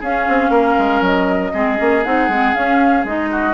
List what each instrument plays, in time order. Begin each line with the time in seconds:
0.00 bassoon C#4, clarinet C#4, oboe G#4, flute F5
0.28 bassoon C4
0.50 bassoon A#3, oboe A#4
0.78 bassoon G#3
1.01 bassoon F#3, flute D#5
1.53 bassoon G#3, clarinet C4, oboe G#4
1.77 bassoon A#3, clarinet C#4
2.04 bassoon C4, clarinet D#4, flute F#5
2.28 bassoon G#3, clarinet C4
2.54 clarinet C#4, bassoon C#4, flute F5
3.04 bassoon G#3, clarinet D#4, flute D#5
3.31 oboe F#4